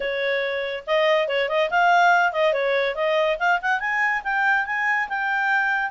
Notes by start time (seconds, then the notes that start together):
0.00 C#5
0.86 D#5
1.28 C#5
1.48 D#5
1.70 F5
2.32 D#5
2.53 C#5
2.95 D#5
3.39 F5
3.61 F#5
3.80 G#5
4.23 G5
4.66 G#5
5.08 G5